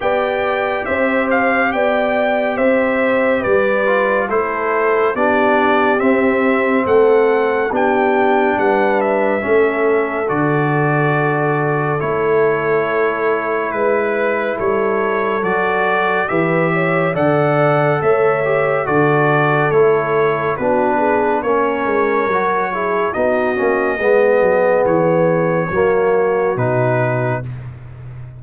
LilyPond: <<
  \new Staff \with { instrumentName = "trumpet" } { \time 4/4 \tempo 4 = 70 g''4 e''8 f''8 g''4 e''4 | d''4 c''4 d''4 e''4 | fis''4 g''4 fis''8 e''4. | d''2 cis''2 |
b'4 cis''4 d''4 e''4 | fis''4 e''4 d''4 cis''4 | b'4 cis''2 dis''4~ | dis''4 cis''2 b'4 | }
  \new Staff \with { instrumentName = "horn" } { \time 4/4 d''4 c''4 d''4 c''4 | b'4 a'4 g'2 | a'4 g'4 b'4 a'4~ | a'1 |
b'4 a'2 b'8 cis''8 | d''4 cis''4 a'2 | fis'8 gis'8 ais'4. gis'8 fis'4 | gis'2 fis'2 | }
  \new Staff \with { instrumentName = "trombone" } { \time 4/4 g'1~ | g'8 f'8 e'4 d'4 c'4~ | c'4 d'2 cis'4 | fis'2 e'2~ |
e'2 fis'4 g'4 | a'4. g'8 fis'4 e'4 | d'4 cis'4 fis'8 e'8 dis'8 cis'8 | b2 ais4 dis'4 | }
  \new Staff \with { instrumentName = "tuba" } { \time 4/4 b4 c'4 b4 c'4 | g4 a4 b4 c'4 | a4 b4 g4 a4 | d2 a2 |
gis4 g4 fis4 e4 | d4 a4 d4 a4 | b4 ais8 gis8 fis4 b8 ais8 | gis8 fis8 e4 fis4 b,4 | }
>>